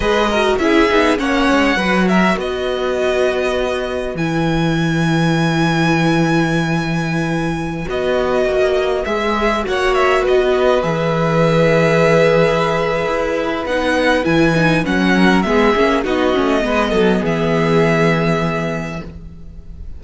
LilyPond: <<
  \new Staff \with { instrumentName = "violin" } { \time 4/4 \tempo 4 = 101 dis''4 e''4 fis''4. e''8 | dis''2. gis''4~ | gis''1~ | gis''4~ gis''16 dis''2 e''8.~ |
e''16 fis''8 e''8 dis''4 e''4.~ e''16~ | e''2. fis''4 | gis''4 fis''4 e''4 dis''4~ | dis''4 e''2. | }
  \new Staff \with { instrumentName = "violin" } { \time 4/4 b'8 ais'8 gis'4 cis''4 b'8 ais'8 | b'1~ | b'1~ | b'1~ |
b'16 cis''4 b'2~ b'8.~ | b'1~ | b'4. ais'8 gis'4 fis'4 | b'8 a'8 gis'2. | }
  \new Staff \with { instrumentName = "viola" } { \time 4/4 gis'8 fis'8 e'8 dis'8 cis'4 fis'4~ | fis'2. e'4~ | e'1~ | e'4~ e'16 fis'2 gis'8.~ |
gis'16 fis'2 gis'4.~ gis'16~ | gis'2. dis'4 | e'8 dis'8 cis'4 b8 cis'8 dis'8 cis'8 | b1 | }
  \new Staff \with { instrumentName = "cello" } { \time 4/4 gis4 cis'8 b8 ais8 gis8 fis4 | b2. e4~ | e1~ | e4~ e16 b4 ais4 gis8.~ |
gis16 ais4 b4 e4.~ e16~ | e2 e'4 b4 | e4 fis4 gis8 ais8 b8 a8 | gis8 fis8 e2. | }
>>